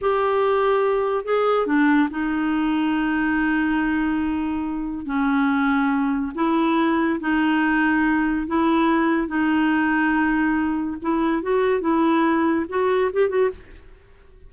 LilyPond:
\new Staff \with { instrumentName = "clarinet" } { \time 4/4 \tempo 4 = 142 g'2. gis'4 | d'4 dis'2.~ | dis'1 | cis'2. e'4~ |
e'4 dis'2. | e'2 dis'2~ | dis'2 e'4 fis'4 | e'2 fis'4 g'8 fis'8 | }